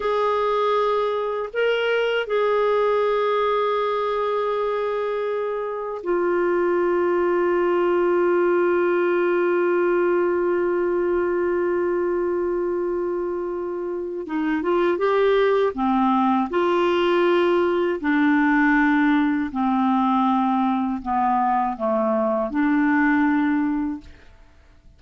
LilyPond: \new Staff \with { instrumentName = "clarinet" } { \time 4/4 \tempo 4 = 80 gis'2 ais'4 gis'4~ | gis'1 | f'1~ | f'1~ |
f'2. dis'8 f'8 | g'4 c'4 f'2 | d'2 c'2 | b4 a4 d'2 | }